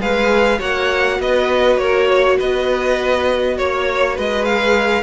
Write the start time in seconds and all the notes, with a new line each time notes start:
0.00 G#3 G#4 B4 F5
0.59 A#3 F#4 C#5 F#5
1.19 B3 B4 D#5
1.77 A#3 A#4 C#5
2.09 C#5
2.38 B3 B4 D#5
3.58 A#3 C#5
4.15 G#3 B4 D#5
4.45 G#4 F5